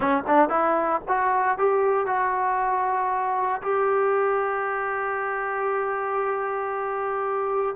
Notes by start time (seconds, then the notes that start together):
0.00 C#4
0.27 D4
0.49 E4
1.08 F#4
1.58 G4
2.06 F#4
3.62 G4